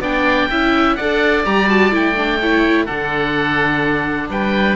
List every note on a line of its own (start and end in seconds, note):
0.00 0.48 B3
0.00 0.50 D4
0.00 0.49 D5
0.00 0.95 G5
0.50 0.99 C#4
0.50 0.99 E4
0.50 0.97 E5
0.95 1.46 D4
0.95 1.45 A4
0.95 2.40 D5
0.95 1.43 F#5
1.45 1.92 G3
1.45 1.68 G4
1.45 1.69 A#5
1.68 1.91 F#4
1.68 1.93 A5
1.91 2.88 A3
1.91 2.15 E4
1.91 2.86 G5
2.16 2.40 D4
2.42 2.87 E4
2.42 2.85 C#5
2.85 4.29 D3
2.85 4.76 D4
2.85 4.28 A4
2.85 4.29 F#5
4.29 4.76 G3
4.29 4.76 B4
4.29 4.76 G5